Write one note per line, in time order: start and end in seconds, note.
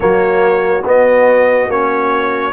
0.00 0.84 F#3
0.00 0.83 A#3
0.00 2.53 F#4
0.00 0.84 C#5
0.84 1.67 B3
0.84 1.69 B3
0.84 1.70 D#5
1.67 2.52 A#3
1.67 2.53 C#4
1.67 2.53 C#5